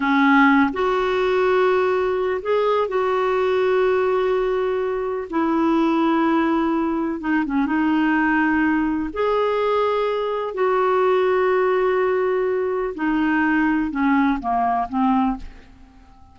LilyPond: \new Staff \with { instrumentName = "clarinet" } { \time 4/4 \tempo 4 = 125 cis'4. fis'2~ fis'8~ | fis'4 gis'4 fis'2~ | fis'2. e'4~ | e'2. dis'8 cis'8 |
dis'2. gis'4~ | gis'2 fis'2~ | fis'2. dis'4~ | dis'4 cis'4 ais4 c'4 | }